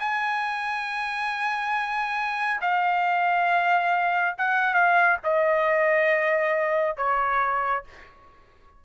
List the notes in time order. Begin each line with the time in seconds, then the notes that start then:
0.00 G#5
2.62 F5
4.38 F#5
4.75 F5
5.24 D#5
6.97 C#5